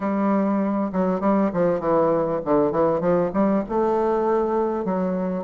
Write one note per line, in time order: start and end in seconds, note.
0.00 0.91 G3
0.92 1.20 F#3
1.20 1.50 G3
1.53 1.80 F3
1.80 2.40 E3
2.45 2.71 D3
2.71 3.00 E3
3.00 3.30 F3
3.33 3.63 G3
3.68 4.85 A3
4.85 5.44 F#3